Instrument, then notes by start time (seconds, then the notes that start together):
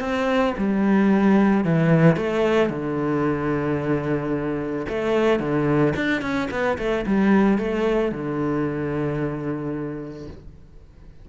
cello
0.00 C4
0.58 G3
1.64 E3
2.16 A3
2.70 D3
4.89 A3
5.40 D3
5.96 D4
6.21 C#4
6.51 B3
6.78 A3
7.06 G3
7.58 A3
8.11 D3